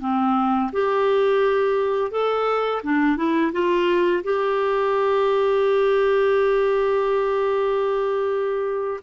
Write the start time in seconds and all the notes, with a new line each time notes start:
0.00 C4
0.72 G4
2.11 A4
2.83 D4
3.17 E4
3.52 F4
4.24 G4